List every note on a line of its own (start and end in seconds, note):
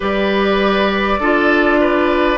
0.00 1.19 G3
0.00 1.20 G4
0.00 1.20 B4
0.00 2.37 D5
1.19 2.37 D4
1.19 2.37 F4
1.19 1.80 A4
1.80 2.37 B4